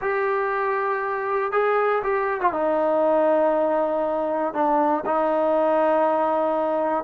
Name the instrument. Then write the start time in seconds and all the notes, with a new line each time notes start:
trombone
0.01 G4
1.51 G#4
2.03 G4
2.40 F4
2.52 D#4
4.53 D4
5.05 D#4